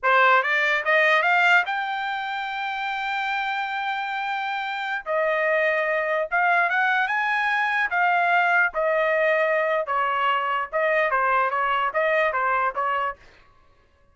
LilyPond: \new Staff \with { instrumentName = "trumpet" } { \time 4/4 \tempo 4 = 146 c''4 d''4 dis''4 f''4 | g''1~ | g''1~ | g''16 dis''2. f''8.~ |
f''16 fis''4 gis''2 f''8.~ | f''4~ f''16 dis''2~ dis''8. | cis''2 dis''4 c''4 | cis''4 dis''4 c''4 cis''4 | }